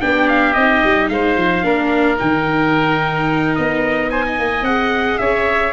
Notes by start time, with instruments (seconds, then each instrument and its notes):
0.00 tuba B3, viola D4, oboe G4, trumpet G5
0.28 trumpet F5
0.53 tuba C4, viola D#4, trumpet D#5
0.83 tuba G3
1.09 tuba G#3, oboe C5, trumpet F5
1.36 tuba F3
1.63 tuba A#3, viola D4, oboe A#4
2.17 tuba D#3, viola D#4, trumpet G5
3.55 tuba B3, trumpet D#5
4.10 oboe C5, trumpet G#5
4.26 oboe D#5
4.38 tuba A#3
4.61 tuba C4, viola G#4, trumpet F#5
5.18 tuba C#4, oboe C#5, trumpet E5